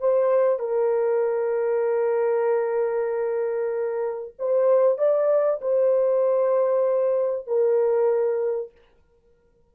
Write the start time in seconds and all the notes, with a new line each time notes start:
0.00 C5
0.59 A#4
4.38 C5
4.98 D5
5.61 C5
7.46 A#4